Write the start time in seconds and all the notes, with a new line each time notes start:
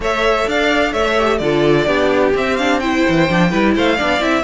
0.00 A3 A4 C#5 E5
0.47 D4 D5 F5
0.92 A3 C#5 E5
1.17 G4
1.37 D3 F4 A4 D5
1.86 B3 D4 G4
2.34 C4 E5
2.56 D4 F5
2.79 E4 C5 G5
3.08 E3
3.29 F3 D4
3.50 G3 E4 B4
3.74 A3 C5 F5
3.95 B3 D4 D5
4.19 C4 E4 E5